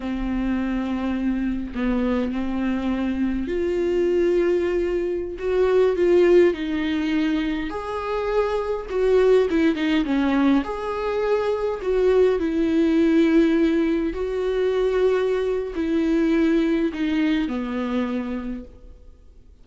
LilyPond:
\new Staff \with { instrumentName = "viola" } { \time 4/4 \tempo 4 = 103 c'2. b4 | c'2 f'2~ | f'4~ f'16 fis'4 f'4 dis'8.~ | dis'4~ dis'16 gis'2 fis'8.~ |
fis'16 e'8 dis'8 cis'4 gis'4.~ gis'16~ | gis'16 fis'4 e'2~ e'8.~ | e'16 fis'2~ fis'8. e'4~ | e'4 dis'4 b2 | }